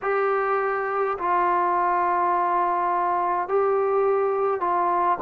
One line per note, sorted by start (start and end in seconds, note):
0.02 1.17 G4
1.18 3.48 F4
3.48 4.60 G4
4.60 5.18 F4